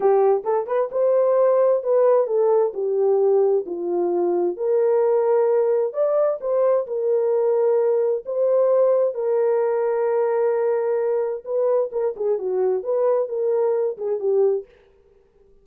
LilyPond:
\new Staff \with { instrumentName = "horn" } { \time 4/4 \tempo 4 = 131 g'4 a'8 b'8 c''2 | b'4 a'4 g'2 | f'2 ais'2~ | ais'4 d''4 c''4 ais'4~ |
ais'2 c''2 | ais'1~ | ais'4 b'4 ais'8 gis'8 fis'4 | b'4 ais'4. gis'8 g'4 | }